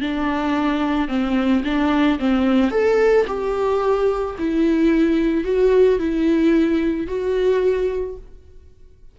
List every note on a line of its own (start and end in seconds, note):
0.00 1.08 D4
1.08 1.62 C4
1.64 2.18 D4
2.18 2.71 C4
2.71 3.25 A4
3.26 4.35 G4
4.38 5.44 E4
5.44 5.99 F#4
5.99 7.07 E4
7.07 8.16 F#4